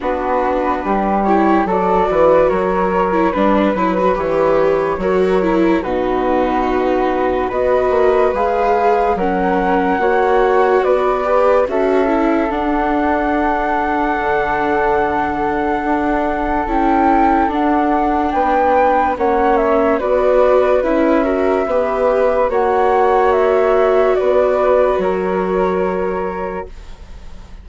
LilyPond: <<
  \new Staff \with { instrumentName = "flute" } { \time 4/4 \tempo 4 = 72 b'4. cis''8 d''4 cis''4 | b'4 cis''2 b'4~ | b'4 dis''4 f''4 fis''4~ | fis''4 d''4 e''4 fis''4~ |
fis''1 | g''4 fis''4 g''4 fis''8 e''8 | d''4 e''2 fis''4 | e''4 d''4 cis''2 | }
  \new Staff \with { instrumentName = "flute" } { \time 4/4 fis'4 g'4 a'8 b'8 ais'4 | b'2 ais'4 fis'4~ | fis'4 b'2 ais'4 | cis''4 b'4 a'2~ |
a'1~ | a'2 b'4 cis''4 | b'4. ais'8 b'4 cis''4~ | cis''4 b'4 ais'2 | }
  \new Staff \with { instrumentName = "viola" } { \time 4/4 d'4. e'8 fis'4.~ fis'16 e'16 | d'8 e'16 fis'16 g'4 fis'8 e'8 dis'4~ | dis'4 fis'4 gis'4 cis'4 | fis'4. g'8 fis'8 e'8 d'4~ |
d'1 | e'4 d'2 cis'4 | fis'4 e'8 fis'8 g'4 fis'4~ | fis'1 | }
  \new Staff \with { instrumentName = "bassoon" } { \time 4/4 b4 g4 fis8 e8 fis4 | g8 fis8 e4 fis4 b,4~ | b,4 b8 ais8 gis4 fis4 | ais4 b4 cis'4 d'4~ |
d'4 d2 d'4 | cis'4 d'4 b4 ais4 | b4 cis'4 b4 ais4~ | ais4 b4 fis2 | }
>>